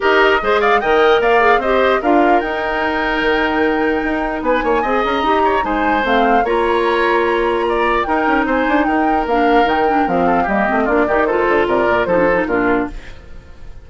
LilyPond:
<<
  \new Staff \with { instrumentName = "flute" } { \time 4/4 \tempo 4 = 149 dis''4. f''8 g''4 f''4 | dis''4 f''4 g''2~ | g''2. gis''4~ | gis''8 ais''4. gis''4 f''4 |
ais''1 | g''4 gis''4 g''4 f''4 | g''4 f''4 dis''4 d''4 | c''4 d''4 c''4 ais'4 | }
  \new Staff \with { instrumentName = "oboe" } { \time 4/4 ais'4 c''8 d''8 dis''4 d''4 | c''4 ais'2.~ | ais'2. b'8 cis''8 | dis''4. cis''8 c''2 |
cis''2. d''4 | ais'4 c''4 ais'2~ | ais'4. a'8 g'4 f'8 g'8 | a'4 ais'4 a'4 f'4 | }
  \new Staff \with { instrumentName = "clarinet" } { \time 4/4 g'4 gis'4 ais'4. gis'8 | g'4 f'4 dis'2~ | dis'1 | gis'4 g'4 dis'4 c'4 |
f'1 | dis'2. d'4 | dis'8 d'8 c'4 ais8 c'8 d'8 dis'8 | f'2 dis'16 d'16 dis'8 d'4 | }
  \new Staff \with { instrumentName = "bassoon" } { \time 4/4 dis'4 gis4 dis4 ais4 | c'4 d'4 dis'2 | dis2 dis'4 b8 ais8 | c'8 cis'8 dis'4 gis4 a4 |
ais1 | dis'8 cis'8 c'8 d'8 dis'4 ais4 | dis4 f4 g8 a8 ais8 dis8~ | dis8 d8 c8 ais,8 f4 ais,4 | }
>>